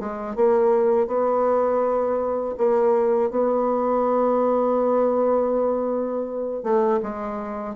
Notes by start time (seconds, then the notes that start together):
0.00 G#3
0.36 A#3
1.07 B3
2.58 A#3
3.31 B3
6.63 A3
7.03 G#3